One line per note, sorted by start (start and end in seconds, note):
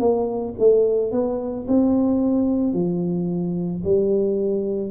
0.00 0.55 A#3
0.59 1.12 A3
1.12 1.67 B3
1.68 2.74 C4
2.74 3.83 F3
3.84 4.91 G3